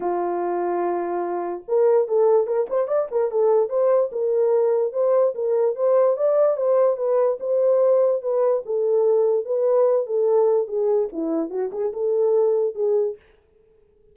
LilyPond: \new Staff \with { instrumentName = "horn" } { \time 4/4 \tempo 4 = 146 f'1 | ais'4 a'4 ais'8 c''8 d''8 ais'8 | a'4 c''4 ais'2 | c''4 ais'4 c''4 d''4 |
c''4 b'4 c''2 | b'4 a'2 b'4~ | b'8 a'4. gis'4 e'4 | fis'8 gis'8 a'2 gis'4 | }